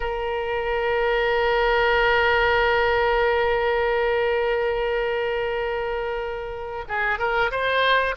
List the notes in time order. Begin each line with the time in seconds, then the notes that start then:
0.00 A#4
6.88 G#4
7.18 A#4
7.51 C5